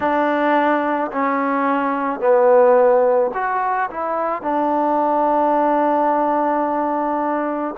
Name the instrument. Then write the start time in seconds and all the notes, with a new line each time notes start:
trombone
0.00 D4
1.12 C#4
2.20 B3
3.34 F#4
3.90 E4
4.41 D4